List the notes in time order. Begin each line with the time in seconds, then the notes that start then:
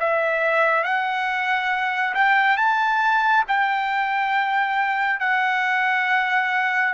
0.00 E5
0.84 F#5
2.15 G5
2.57 A5
3.48 G5
5.20 F#5